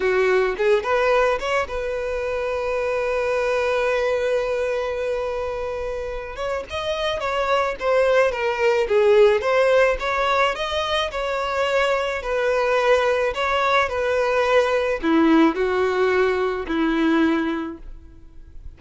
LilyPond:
\new Staff \with { instrumentName = "violin" } { \time 4/4 \tempo 4 = 108 fis'4 gis'8 b'4 cis''8 b'4~ | b'1~ | b'2.~ b'8 cis''8 | dis''4 cis''4 c''4 ais'4 |
gis'4 c''4 cis''4 dis''4 | cis''2 b'2 | cis''4 b'2 e'4 | fis'2 e'2 | }